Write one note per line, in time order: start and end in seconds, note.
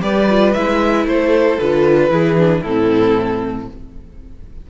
0.00 0.54 G3
0.00 0.26 G4
0.00 1.07 B4
0.00 0.53 D5
0.29 0.55 F4
0.53 1.05 G#3
0.53 1.60 E4
0.53 1.05 E5
1.05 1.57 A3
1.05 2.12 A4
1.05 1.59 C5
1.60 2.10 D3
1.60 2.10 F4
1.60 2.62 B4
2.10 2.62 E3
2.10 2.37 E4
2.10 2.61 G#4
2.37 2.63 D4
2.61 3.67 A2
2.61 3.69 C4
2.61 3.66 E4
2.61 3.67 A4